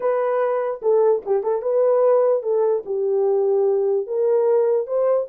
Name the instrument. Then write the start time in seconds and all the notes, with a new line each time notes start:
horn
0.00 B4
0.81 A4
1.25 G4
1.43 A4
1.62 B4
2.43 A4
2.85 G4
4.07 A#4
4.86 C5